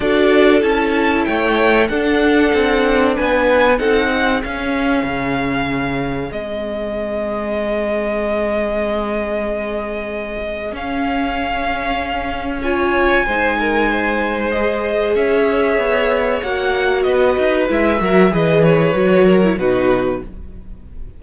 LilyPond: <<
  \new Staff \with { instrumentName = "violin" } { \time 4/4 \tempo 4 = 95 d''4 a''4 g''4 fis''4~ | fis''4 gis''4 fis''4 f''4~ | f''2 dis''2~ | dis''1~ |
dis''4 f''2. | gis''2. dis''4 | e''2 fis''4 dis''4 | e''4 dis''8 cis''4. b'4 | }
  \new Staff \with { instrumentName = "violin" } { \time 4/4 a'2 cis''4 a'4~ | a'4 b'4 a'8 gis'4.~ | gis'1~ | gis'1~ |
gis'1 | cis''4 c''8 ais'8 c''2 | cis''2. b'4~ | b'8 ais'8 b'4. ais'8 fis'4 | }
  \new Staff \with { instrumentName = "viola" } { \time 4/4 fis'4 e'2 d'4~ | d'2 dis'4 cis'4~ | cis'2 c'2~ | c'1~ |
c'4 cis'2. | f'4 dis'2 gis'4~ | gis'2 fis'2 | e'8 fis'8 gis'4 fis'8. e'16 dis'4 | }
  \new Staff \with { instrumentName = "cello" } { \time 4/4 d'4 cis'4 a4 d'4 | c'4 b4 c'4 cis'4 | cis2 gis2~ | gis1~ |
gis4 cis'2.~ | cis'4 gis2. | cis'4 b4 ais4 b8 dis'8 | gis8 fis8 e4 fis4 b,4 | }
>>